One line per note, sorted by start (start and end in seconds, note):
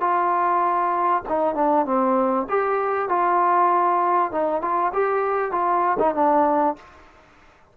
0.00 1.22 F4
1.29 1.54 D#4
1.54 1.85 D4
1.85 2.46 C4
2.49 3.09 G4
3.09 4.31 F4
4.31 4.61 D#4
4.61 4.92 F4
4.93 5.51 G4
5.51 5.97 F4
5.99 6.14 D#4
6.14 6.75 D4